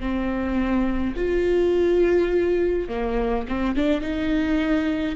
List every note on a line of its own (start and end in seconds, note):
0.00 1.15 C4
1.17 2.89 F4
2.89 3.47 A#3
3.49 3.76 C4
3.76 4.01 D4
4.01 5.16 D#4